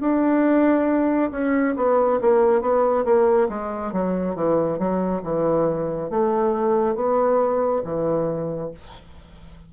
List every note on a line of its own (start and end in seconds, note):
0.00 1.30 D4
1.31 1.74 C#4
1.76 2.19 B3
2.21 2.61 A#3
2.61 3.04 B3
3.04 3.48 A#3
3.49 3.92 G#3
3.92 4.35 F#3
4.35 4.78 E3
4.78 5.21 F#3
5.23 6.10 E3
6.10 6.95 A3
6.95 7.82 B3
7.84 8.71 E3